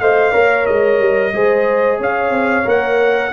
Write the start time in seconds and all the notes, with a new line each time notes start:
0.00 A3 C5 D#5 F5
0.32 A#3 A#4 C#5
0.66 G#3 D#5
1.00 G3
1.33 G#3 G#4 C5
1.99 C#4 C#5 F5
2.31 C4
2.65 A#3 A#4 F#5